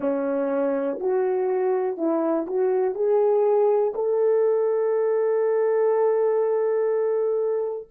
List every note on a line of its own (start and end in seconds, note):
0.00 0.98 C#4
1.00 1.97 F#4
1.97 2.46 E4
2.46 2.95 F#4
2.95 3.93 G#4
3.94 7.87 A4